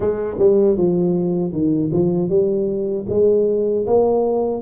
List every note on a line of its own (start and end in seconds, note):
0.00 0.37 G#3
0.38 0.77 G3
0.77 1.52 F3
1.52 1.91 D#3
1.92 2.29 F3
2.29 3.06 G3
3.09 3.86 G#3
3.86 4.61 A#3